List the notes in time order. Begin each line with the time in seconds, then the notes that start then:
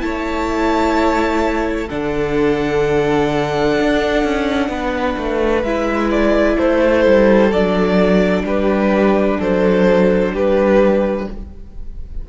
0.00 A3 E4 C#5 A5
1.87 D3 D4 A4 F#5
3.79 D4
4.23 C#4
4.69 B3 B4
5.17 A3
5.63 G#3 E4 E5
6.11 D5
6.56 A3 A4 C5
7.06 G3
7.51 F#3 D4 D5
8.43 G3 G4 B4
9.38 F#3 A4 C5
10.33 G3 G4 B4